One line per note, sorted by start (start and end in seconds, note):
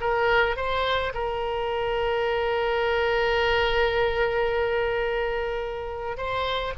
0.00 0.56 A#4
0.56 1.12 C5
1.14 6.17 A#4
6.17 6.73 C5